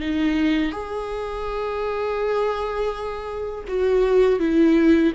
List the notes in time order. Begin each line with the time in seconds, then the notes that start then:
0.00 D#4
0.72 G#4
3.68 F#4
4.39 E4